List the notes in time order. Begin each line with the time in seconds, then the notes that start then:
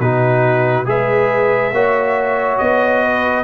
0.00 B2 D#4 F#4 B4
0.85 G#3 G#4 B4 E5
1.72 A#3 F#4 C#5
2.58 B3 D#5
3.02 B4